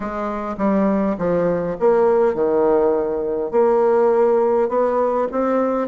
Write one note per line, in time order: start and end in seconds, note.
0.00 0.56 G#3
0.57 1.16 G3
1.18 1.76 F3
1.79 2.34 A#3
2.34 3.51 D#3
3.51 4.68 A#3
4.68 5.27 B3
5.31 5.87 C4